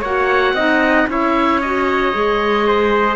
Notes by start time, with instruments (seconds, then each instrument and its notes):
0.00 cello A#3, clarinet F#4, trumpet C#5, oboe F#5
0.54 cello C4, clarinet D#4, trumpet D#5
1.07 cello C#4, clarinet E4, trumpet C#5, oboe E5
1.61 clarinet F#4, oboe D#5
2.13 cello G#3, clarinet G#4
2.67 trumpet C5